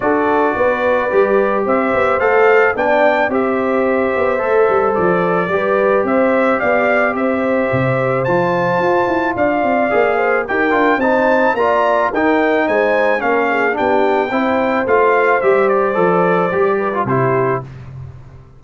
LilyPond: <<
  \new Staff \with { instrumentName = "trumpet" } { \time 4/4 \tempo 4 = 109 d''2. e''4 | f''4 g''4 e''2~ | e''4 d''2 e''4 | f''4 e''2 a''4~ |
a''4 f''2 g''4 | a''4 ais''4 g''4 gis''4 | f''4 g''2 f''4 | e''8 d''2~ d''8 c''4 | }
  \new Staff \with { instrumentName = "horn" } { \time 4/4 a'4 b'2 c''4~ | c''4 d''4 c''2~ | c''2 b'4 c''4 | d''4 c''2.~ |
c''4 d''4. c''8 ais'4 | c''4 d''4 ais'4 c''4 | ais'8 gis'8 g'4 c''2~ | c''2~ c''8 b'8 g'4 | }
  \new Staff \with { instrumentName = "trombone" } { \time 4/4 fis'2 g'2 | a'4 d'4 g'2 | a'2 g'2~ | g'2. f'4~ |
f'2 gis'4 g'8 f'8 | dis'4 f'4 dis'2 | cis'4 d'4 e'4 f'4 | g'4 a'4 g'8. f'16 e'4 | }
  \new Staff \with { instrumentName = "tuba" } { \time 4/4 d'4 b4 g4 c'8 b8 | a4 b4 c'4. b8 | a8 g8 f4 g4 c'4 | b4 c'4 c4 f4 |
f'8 e'8 d'8 c'8 ais4 dis'8 d'8 | c'4 ais4 dis'4 gis4 | ais4 b4 c'4 a4 | g4 f4 g4 c4 | }
>>